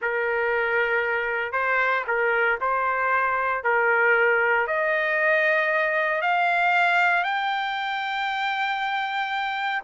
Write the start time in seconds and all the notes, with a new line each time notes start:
0.01 A#4
1.52 C5
2.07 A#4
2.61 C5
3.63 A#4
4.67 D#5
6.21 F5
7.23 G5